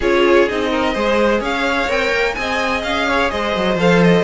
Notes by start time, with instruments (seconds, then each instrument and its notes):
0.00 cello C#4, viola F4, violin G#4 C#5
0.48 cello C4, viola D#4, violin D#5
0.70 violin A#4
0.93 cello G#3, viola G#4, violin C5
1.40 cello C#4, violin C#5 F5
1.88 cello C4, viola A#4, violin G5
2.12 cello A#3
2.34 cello C4, viola G#4, violin D#5 G#5
2.83 cello C#4, violin F5
3.08 violin C#5
3.30 cello G#3, violin C5 D#5
3.56 cello F#3
3.75 cello F3, viola A4, violin F5
4.03 violin D#5